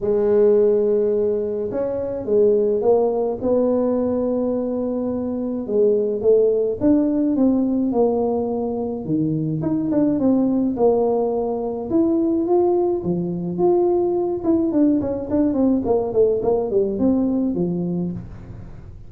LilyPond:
\new Staff \with { instrumentName = "tuba" } { \time 4/4 \tempo 4 = 106 gis2. cis'4 | gis4 ais4 b2~ | b2 gis4 a4 | d'4 c'4 ais2 |
dis4 dis'8 d'8 c'4 ais4~ | ais4 e'4 f'4 f4 | f'4. e'8 d'8 cis'8 d'8 c'8 | ais8 a8 ais8 g8 c'4 f4 | }